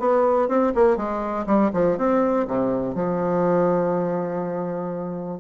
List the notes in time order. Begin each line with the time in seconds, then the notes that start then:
0.00 B3
0.49 C4
0.75 A#3
0.97 G#3
1.47 G3
1.73 F3
1.98 C4
2.48 C3
2.95 F3